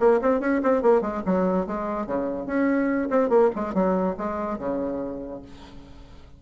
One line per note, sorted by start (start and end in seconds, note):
0.00 0.21 A#3
0.21 0.41 C4
0.41 0.61 C#4
0.63 0.82 C4
0.82 1.02 A#3
1.02 1.22 G#3
1.26 1.67 F#3
1.67 2.07 G#3
2.07 2.47 C#3
2.47 3.09 C#4
3.10 3.30 C4
3.30 3.50 A#3
3.55 3.74 G#3
3.74 4.16 F#3
4.17 4.59 G#3
4.59 5.42 C#3